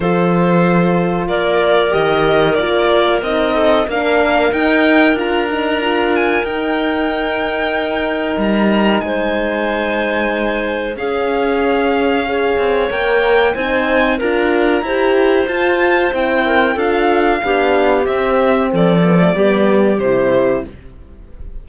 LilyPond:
<<
  \new Staff \with { instrumentName = "violin" } { \time 4/4 \tempo 4 = 93 c''2 d''4 dis''4 | d''4 dis''4 f''4 g''4 | ais''4. gis''8 g''2~ | g''4 ais''4 gis''2~ |
gis''4 f''2. | g''4 gis''4 ais''2 | a''4 g''4 f''2 | e''4 d''2 c''4 | }
  \new Staff \with { instrumentName = "clarinet" } { \time 4/4 a'2 ais'2~ | ais'4. a'8 ais'2~ | ais'1~ | ais'2 c''2~ |
c''4 gis'2 cis''4~ | cis''4 c''4 ais'4 c''4~ | c''4. ais'8 a'4 g'4~ | g'4 a'4 g'2 | }
  \new Staff \with { instrumentName = "horn" } { \time 4/4 f'2. g'4 | f'4 dis'4 d'4 dis'4 | f'8 dis'8 f'4 dis'2~ | dis'1~ |
dis'4 cis'2 gis'4 | ais'4 dis'4 f'4 g'4 | f'4 e'4 f'4 d'4 | c'4. b16 a16 b4 e'4 | }
  \new Staff \with { instrumentName = "cello" } { \time 4/4 f2 ais4 dis4 | ais4 c'4 ais4 dis'4 | d'2 dis'2~ | dis'4 g4 gis2~ |
gis4 cis'2~ cis'8 c'8 | ais4 c'4 d'4 e'4 | f'4 c'4 d'4 b4 | c'4 f4 g4 c4 | }
>>